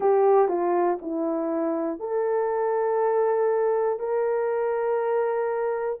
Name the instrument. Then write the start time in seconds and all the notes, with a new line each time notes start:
horn
0.00 G4
0.48 F4
1.01 E4
2.00 A4
3.99 A#4